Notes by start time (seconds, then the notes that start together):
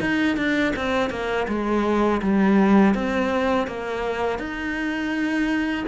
0.00 D#4
0.36 D4
0.75 C4
1.10 A#3
1.48 G#3
2.22 G3
2.94 C4
3.67 A#3
4.38 D#4